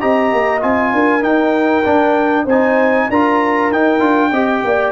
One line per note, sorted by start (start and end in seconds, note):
0.00 0.32 C4
0.00 0.60 G4
0.00 0.93 D#5
0.00 0.62 A#5
0.32 0.63 A#3
0.60 0.93 C4
0.60 1.21 F4
0.60 1.23 G#5
0.93 1.22 D4
0.93 2.45 A#4
1.21 1.83 D#4
1.21 1.84 D#4
1.21 2.47 G5
1.85 2.47 D4
1.85 2.46 D4
2.45 3.08 C4
2.45 3.12 D#4
2.45 3.07 C5
2.45 3.10 G#5
3.09 3.71 D4
3.09 3.73 F4
3.09 4.30 A#4
3.09 3.72 A#5
3.71 4.01 D#4
3.71 3.99 D#4
3.71 4.92 G5
3.99 4.32 D4
3.99 4.30 F4
4.30 4.63 C4
4.30 4.92 G4
4.30 4.61 D#5
4.64 4.92 A#3
4.64 4.92 D5